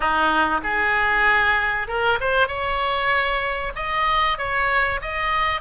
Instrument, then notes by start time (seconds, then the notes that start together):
oboe
0.00 D#4
0.63 G#4
1.87 A#4
2.20 C5
2.47 C#5
3.75 D#5
4.38 C#5
5.01 D#5